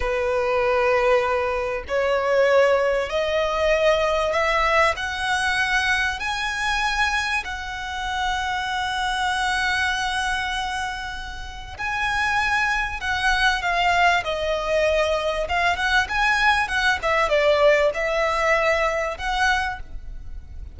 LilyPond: \new Staff \with { instrumentName = "violin" } { \time 4/4 \tempo 4 = 97 b'2. cis''4~ | cis''4 dis''2 e''4 | fis''2 gis''2 | fis''1~ |
fis''2. gis''4~ | gis''4 fis''4 f''4 dis''4~ | dis''4 f''8 fis''8 gis''4 fis''8 e''8 | d''4 e''2 fis''4 | }